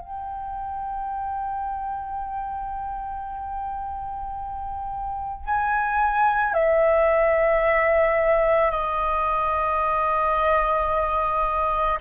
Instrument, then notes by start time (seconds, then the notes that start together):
flute
0.00 G5
5.45 G#5
6.53 E5
8.71 D#5